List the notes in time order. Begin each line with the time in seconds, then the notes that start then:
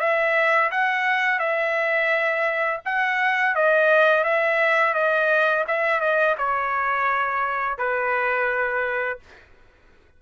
0.00 E5
0.72 F#5
1.40 E5
2.86 F#5
3.56 D#5
4.24 E5
4.94 D#5
5.68 E5
6.01 D#5
6.39 C#5
7.78 B4